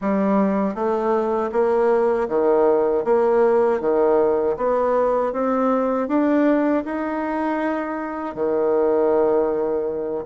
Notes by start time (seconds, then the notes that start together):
0.01 G3
0.74 A3
1.52 A#3
2.28 D#3
3.04 A#3
3.80 D#3
4.56 B3
5.32 C4
6.08 D4
6.85 D#4
8.34 D#3